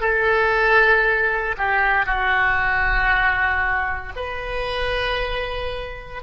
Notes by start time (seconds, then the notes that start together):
0.00 A4
1.58 G4
2.05 F#4
4.16 B4